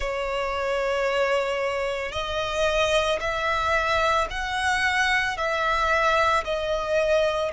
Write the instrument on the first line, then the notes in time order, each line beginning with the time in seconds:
violin
0.00 C#5
2.12 D#5
3.20 E5
4.30 F#5
5.37 E5
6.44 D#5